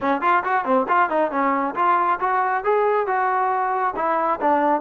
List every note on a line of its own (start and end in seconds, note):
0.01 0.21 C#4
0.21 0.43 F4
0.44 0.64 F#4
0.64 0.86 C4
0.88 1.09 F4
1.09 1.31 D#4
1.31 1.74 C#4
1.75 2.19 F4
2.20 2.64 F#4
2.64 3.06 G#4
3.06 3.94 F#4
3.95 4.39 E4
4.40 4.81 D4